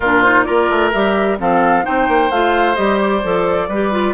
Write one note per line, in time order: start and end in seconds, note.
0.00 0.46 A#2
0.00 0.24 D4
0.00 0.44 F4
0.00 0.22 A#4
0.22 0.45 D#4
0.22 0.43 C5
0.43 0.69 A#3
0.43 0.92 F4
0.43 1.38 A#4
0.43 0.90 D5
0.69 0.92 A3
0.91 1.39 G3
0.91 1.38 G4
0.91 1.38 E5
1.38 1.85 F3
1.38 1.83 C4
1.38 1.84 A4
1.38 1.85 F5
1.83 2.07 C4
1.83 2.29 D#4
1.83 3.68 C5
1.83 2.31 G5
2.07 2.29 A#3
2.29 2.76 A3
2.29 2.75 F4
2.29 2.75 F5
2.75 3.23 G3
2.75 3.21 G4
2.75 2.98 D#5
2.99 4.13 D5
3.23 3.68 F3
3.23 3.69 A4
3.68 4.13 G3
3.68 3.91 G4
3.68 4.13 B4
3.91 4.13 F4